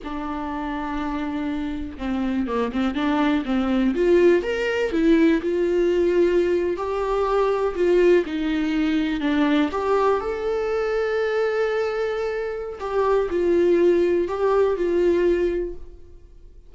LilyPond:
\new Staff \with { instrumentName = "viola" } { \time 4/4 \tempo 4 = 122 d'1 | c'4 ais8 c'8 d'4 c'4 | f'4 ais'4 e'4 f'4~ | f'4.~ f'16 g'2 f'16~ |
f'8. dis'2 d'4 g'16~ | g'8. a'2.~ a'16~ | a'2 g'4 f'4~ | f'4 g'4 f'2 | }